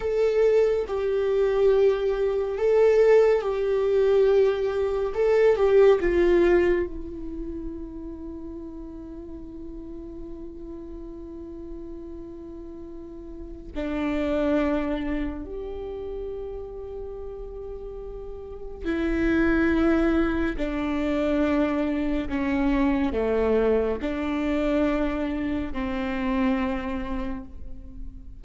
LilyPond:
\new Staff \with { instrumentName = "viola" } { \time 4/4 \tempo 4 = 70 a'4 g'2 a'4 | g'2 a'8 g'8 f'4 | e'1~ | e'1 |
d'2 g'2~ | g'2 e'2 | d'2 cis'4 a4 | d'2 c'2 | }